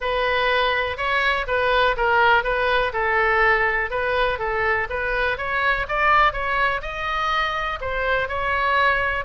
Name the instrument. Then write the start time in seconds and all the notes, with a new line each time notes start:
oboe
0.00 B4
0.97 C#5
1.47 B4
1.96 A#4
2.43 B4
2.93 A4
3.90 B4
4.38 A4
4.89 B4
5.37 C#5
5.88 D5
6.32 C#5
6.81 D#5
7.80 C5
8.28 C#5